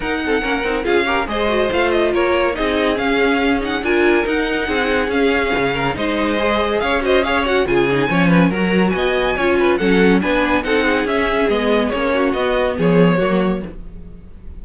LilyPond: <<
  \new Staff \with { instrumentName = "violin" } { \time 4/4 \tempo 4 = 141 fis''2 f''4 dis''4 | f''8 dis''8 cis''4 dis''4 f''4~ | f''8 fis''8 gis''4 fis''2 | f''2 dis''2 |
f''8 dis''8 f''8 fis''8 gis''2 | ais''4 gis''2 fis''4 | gis''4 fis''4 e''4 dis''4 | cis''4 dis''4 cis''2 | }
  \new Staff \with { instrumentName = "violin" } { \time 4/4 ais'8 a'8 ais'4 gis'8 ais'8 c''4~ | c''4 ais'4 gis'2~ | gis'4 ais'2 gis'4~ | gis'4. ais'8 c''2 |
cis''8 c''8 cis''4 gis'4 cis''8 b'8 | ais'4 dis''4 cis''8 b'8 a'4 | b'4 a'8 gis'2~ gis'8~ | gis'8 fis'4. gis'4 fis'4 | }
  \new Staff \with { instrumentName = "viola" } { \time 4/4 dis'8 c'8 cis'8 dis'8 f'8 g'8 gis'8 fis'8 | f'2 dis'4 cis'4~ | cis'8 dis'8 f'4 dis'2 | cis'2 dis'4 gis'4~ |
gis'8 fis'8 gis'8 fis'8 f'8 dis'8 cis'4 | fis'2 f'4 cis'4 | d'4 dis'4 cis'4 b4 | cis'4 b2 ais4 | }
  \new Staff \with { instrumentName = "cello" } { \time 4/4 dis'4 ais8 c'8 cis'4 gis4 | a4 ais4 c'4 cis'4~ | cis'4 d'4 dis'4 c'4 | cis'4 cis4 gis2 |
cis'2 cis4 f4 | fis4 b4 cis'4 fis4 | b4 c'4 cis'4 gis4 | ais4 b4 f4 fis4 | }
>>